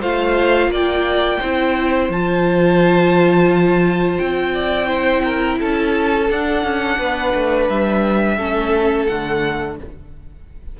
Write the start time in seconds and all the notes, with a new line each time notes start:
0.00 A3 F4 C5 F5
0.67 A#3 D5
0.74 G5
1.39 C4 E4 C5
2.09 F3 F4 A5
4.18 C4 G5
4.54 D5
4.86 E4 C5
5.24 A#4
5.59 C#4 A4 A5
6.30 D4 F#5
6.63 C#4
6.98 B3 B4
7.33 A3
7.69 G3 E5
8.37 A3 C#4 A4
9.06 D3 A3 F#5